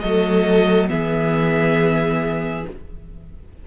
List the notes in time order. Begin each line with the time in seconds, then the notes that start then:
0.00 F#3 A3 A4 D#5
0.88 E3 B3 G#4 E5